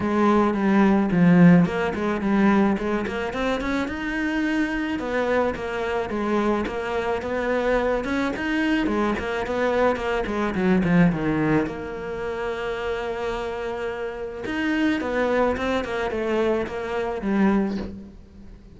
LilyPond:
\new Staff \with { instrumentName = "cello" } { \time 4/4 \tempo 4 = 108 gis4 g4 f4 ais8 gis8 | g4 gis8 ais8 c'8 cis'8 dis'4~ | dis'4 b4 ais4 gis4 | ais4 b4. cis'8 dis'4 |
gis8 ais8 b4 ais8 gis8 fis8 f8 | dis4 ais2.~ | ais2 dis'4 b4 | c'8 ais8 a4 ais4 g4 | }